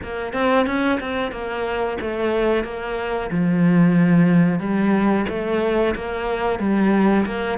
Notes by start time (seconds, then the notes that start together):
0.03 A#3
0.33 C4
0.66 C#4
1.00 C4
1.31 A#3
2.00 A3
2.64 A#3
3.31 F3
4.59 G3
5.28 A3
5.95 A#3
6.59 G3
7.25 A#3